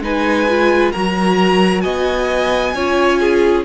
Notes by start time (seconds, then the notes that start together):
0.00 G#3 D#4 B4 G#5
0.49 F4
0.92 F#3 F#4 A#4 A#5
1.81 B3 D#5 G#5
2.74 C#4 F4 C#5
3.20 G#4